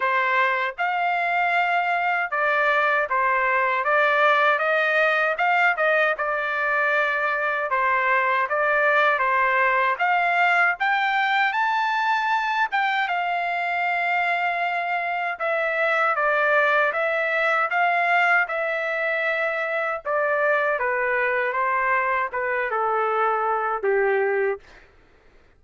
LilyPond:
\new Staff \with { instrumentName = "trumpet" } { \time 4/4 \tempo 4 = 78 c''4 f''2 d''4 | c''4 d''4 dis''4 f''8 dis''8 | d''2 c''4 d''4 | c''4 f''4 g''4 a''4~ |
a''8 g''8 f''2. | e''4 d''4 e''4 f''4 | e''2 d''4 b'4 | c''4 b'8 a'4. g'4 | }